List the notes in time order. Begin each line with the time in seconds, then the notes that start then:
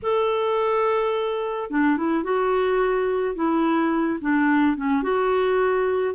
0.02 A4
1.70 D4
1.97 E4
2.23 F#4
3.35 E4
4.21 D4
4.76 C#4
5.02 F#4